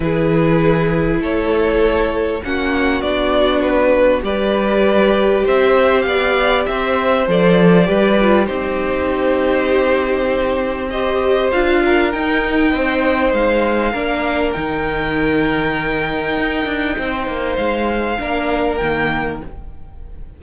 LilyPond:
<<
  \new Staff \with { instrumentName = "violin" } { \time 4/4 \tempo 4 = 99 b'2 cis''2 | fis''4 d''4 b'4 d''4~ | d''4 e''4 f''4 e''4 | d''2 c''2~ |
c''2 dis''4 f''4 | g''2 f''2 | g''1~ | g''4 f''2 g''4 | }
  \new Staff \with { instrumentName = "violin" } { \time 4/4 gis'2 a'2 | fis'2. b'4~ | b'4 c''4 d''4 c''4~ | c''4 b'4 g'2~ |
g'2 c''4. ais'8~ | ais'4 c''2 ais'4~ | ais'1 | c''2 ais'2 | }
  \new Staff \with { instrumentName = "viola" } { \time 4/4 e'1 | cis'4 d'2 g'4~ | g'1 | a'4 g'8 f'8 dis'2~ |
dis'2 g'4 f'4 | dis'2. d'4 | dis'1~ | dis'2 d'4 ais4 | }
  \new Staff \with { instrumentName = "cello" } { \time 4/4 e2 a2 | ais4 b2 g4~ | g4 c'4 b4 c'4 | f4 g4 c'2~ |
c'2. d'4 | dis'4 c'4 gis4 ais4 | dis2. dis'8 d'8 | c'8 ais8 gis4 ais4 dis4 | }
>>